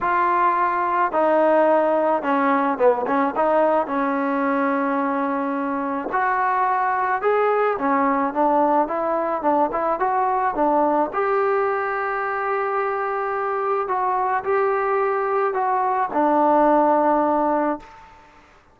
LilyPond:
\new Staff \with { instrumentName = "trombone" } { \time 4/4 \tempo 4 = 108 f'2 dis'2 | cis'4 b8 cis'8 dis'4 cis'4~ | cis'2. fis'4~ | fis'4 gis'4 cis'4 d'4 |
e'4 d'8 e'8 fis'4 d'4 | g'1~ | g'4 fis'4 g'2 | fis'4 d'2. | }